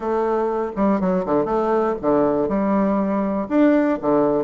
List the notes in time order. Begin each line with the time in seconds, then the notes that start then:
0.00 A3
0.76 G3
1.00 F#3
1.25 D3
1.45 A3
2.01 D3
2.48 G3
3.48 D4
4.01 D3